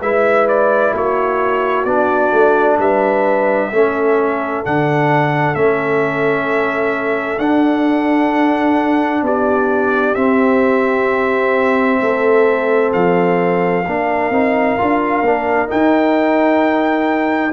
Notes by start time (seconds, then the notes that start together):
0.00 G#3 E4 B4 E5
0.48 D5
0.93 A#3 F#4 C#5
1.85 B3 D4 D5
2.32 A3
2.78 G3 B4 E5
3.69 A3 C#4 A4
4.64 D3 D4 F#5
5.54 A3 C#4 E5
7.38 D4 F#5
9.22 B3 G4 D5
10.14 C4 E5
12.00 A3 A4
12.92 F3 F5
13.86 A#3 D4 A#4
14.30 C4 D#4
14.78 D4 F4
15.21 A#3 D4
15.67 D#4 G5